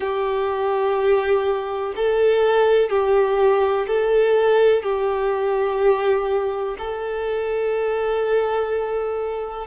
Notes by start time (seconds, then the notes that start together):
0.00 G4
1.96 A4
2.89 G4
3.87 A4
4.83 G4
6.78 A4